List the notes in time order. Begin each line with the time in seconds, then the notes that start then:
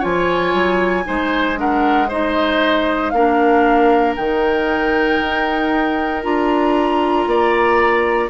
0.00 F3 F4 C#5 G#5
0.54 F#3
1.05 G#3 D#4 C5
1.56 D4 A#4 F#5
2.09 D#4 C5 D#5
3.10 A#3 D4 A#4 F5
4.17 D#3 D#4 G5
5.22 D#4
6.23 D4 F4 A#5
7.27 A#3 D5